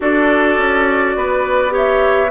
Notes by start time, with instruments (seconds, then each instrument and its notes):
0.00 bassoon D4, clarinet F#4, oboe A4, flute D5
0.57 bassoon C#4
1.16 bassoon B3, oboe B4
1.69 clarinet G4, oboe C#5
1.76 flute E5